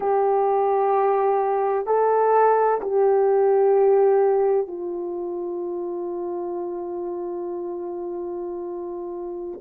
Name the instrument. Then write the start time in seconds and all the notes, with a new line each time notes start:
horn
0.00 G4
1.86 A4
2.81 G4
4.67 F4